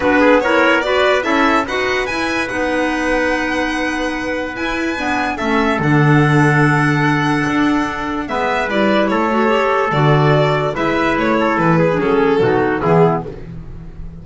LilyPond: <<
  \new Staff \with { instrumentName = "violin" } { \time 4/4 \tempo 4 = 145 b'4 cis''4 d''4 e''4 | fis''4 gis''4 fis''2~ | fis''2. gis''4~ | gis''4 e''4 fis''2~ |
fis''1 | e''4 d''4 cis''2 | d''2 e''4 cis''4 | b'4 a'2 gis'4 | }
  \new Staff \with { instrumentName = "trumpet" } { \time 4/4 fis'8 gis'8 ais'4 b'4 a'4 | b'1~ | b'1~ | b'4 a'2.~ |
a'1 | b'2 a'2~ | a'2 b'4. a'8~ | a'8 gis'4. fis'4 e'4 | }
  \new Staff \with { instrumentName = "clarinet" } { \time 4/4 d'4 e'4 fis'4 e'4 | fis'4 e'4 dis'2~ | dis'2. e'4 | b4 cis'4 d'2~ |
d'1 | b4 e'4. fis'8 g'4 | fis'2 e'2~ | e'8. d'16 cis'4 dis'4 b4 | }
  \new Staff \with { instrumentName = "double bass" } { \time 4/4 b2. cis'4 | dis'4 e'4 b2~ | b2. e'4 | d'4 a4 d2~ |
d2 d'2 | gis4 g4 a2 | d2 gis4 a4 | e4 fis4 b,4 e4 | }
>>